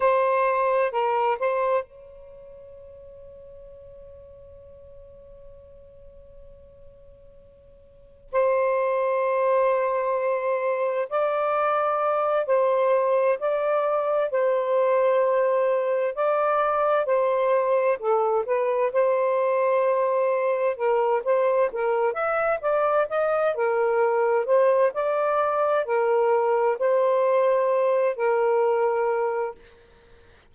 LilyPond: \new Staff \with { instrumentName = "saxophone" } { \time 4/4 \tempo 4 = 65 c''4 ais'8 c''8 cis''2~ | cis''1~ | cis''4 c''2. | d''4. c''4 d''4 c''8~ |
c''4. d''4 c''4 a'8 | b'8 c''2 ais'8 c''8 ais'8 | e''8 d''8 dis''8 ais'4 c''8 d''4 | ais'4 c''4. ais'4. | }